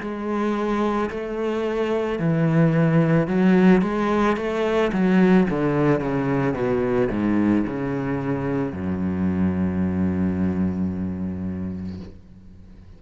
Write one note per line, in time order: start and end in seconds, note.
0.00 1.09 G#3
1.10 2.19 A3
2.19 3.27 E3
3.27 3.82 F#3
3.82 4.36 G#3
4.36 4.91 A3
4.92 5.47 F#3
5.49 6.00 D3
6.00 6.54 C#3
6.54 7.08 B2
7.10 7.65 G#2
7.66 8.72 C#3
8.72 12.00 F#2